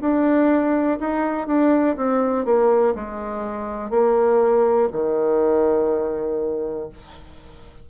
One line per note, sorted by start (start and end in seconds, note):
0.00 0.98 D4
0.99 1.47 D#4
1.47 1.96 D4
1.96 2.45 C4
2.45 2.94 A#3
2.95 3.90 G#3
3.90 4.88 A#3
4.92 6.89 D#3